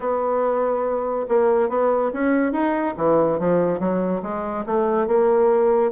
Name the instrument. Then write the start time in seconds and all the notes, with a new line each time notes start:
bassoon
0.00 B3
1.28 A#3
1.69 B3
2.13 C#4
2.52 D#4
2.97 E3
3.39 F3
3.79 F#3
4.22 G#3
4.65 A3
5.07 A#3